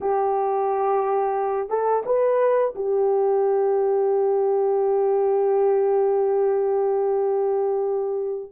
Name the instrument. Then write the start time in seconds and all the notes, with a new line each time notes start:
horn
0.00 G4
1.69 A4
2.05 B4
2.75 G4